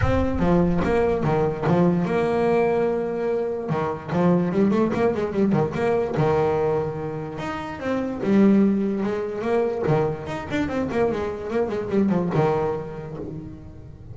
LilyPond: \new Staff \with { instrumentName = "double bass" } { \time 4/4 \tempo 4 = 146 c'4 f4 ais4 dis4 | f4 ais2.~ | ais4 dis4 f4 g8 a8 | ais8 gis8 g8 dis8 ais4 dis4~ |
dis2 dis'4 c'4 | g2 gis4 ais4 | dis4 dis'8 d'8 c'8 ais8 gis4 | ais8 gis8 g8 f8 dis2 | }